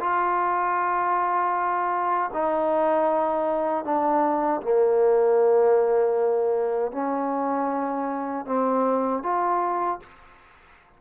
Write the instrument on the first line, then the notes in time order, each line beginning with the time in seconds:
trombone
0.00 F4
2.34 D#4
3.85 D4
4.62 A#3
6.92 C#4
8.46 C4
9.23 F4